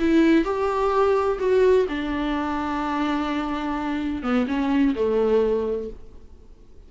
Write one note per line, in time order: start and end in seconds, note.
0.00 0.45 E4
0.45 1.39 G4
1.39 1.87 F#4
1.89 4.23 D4
4.23 4.47 B3
4.48 4.95 C#4
4.96 5.90 A3